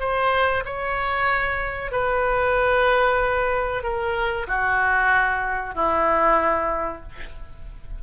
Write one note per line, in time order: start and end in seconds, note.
0.00 0.64 C5
0.65 1.92 C#5
1.92 3.83 B4
3.83 4.47 A#4
4.48 5.75 F#4
5.75 7.02 E4